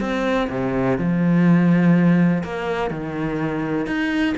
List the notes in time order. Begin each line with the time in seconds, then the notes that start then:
0.00 C4
0.49 C3
0.98 F3
2.43 A#3
2.90 D#3
3.86 D#4